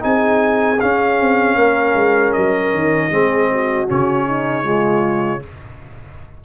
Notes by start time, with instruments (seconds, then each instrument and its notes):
0.00 tuba C4, trombone D#4, horn G#4, trumpet G#5
0.81 trombone C#4, tuba C#4, trumpet F5
1.21 tuba C4
1.56 tuba A#3, horn A#4
1.95 tuba G#3
2.33 tuba F#3, trumpet D#5
2.74 tuba D#3
3.11 tuba G#3, trombone C4, horn G#4
3.52 horn F#4
3.88 tuba C#3, trombone C#4, trumpet C#5
4.27 horn D#4
4.63 trombone G#3, horn F4